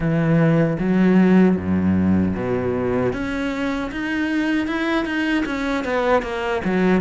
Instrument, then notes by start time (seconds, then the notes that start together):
cello
0.00 E3
0.79 F#3
1.56 F#2
2.35 B2
3.12 C#4
3.91 D#4
4.67 E4
5.05 D#4
5.45 C#4
5.84 B3
6.22 A#3
6.64 F#3